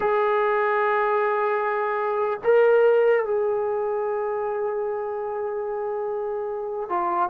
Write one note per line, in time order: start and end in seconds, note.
0.00 2.39 G#4
2.44 3.25 A#4
3.25 6.89 G#4
6.89 7.29 F4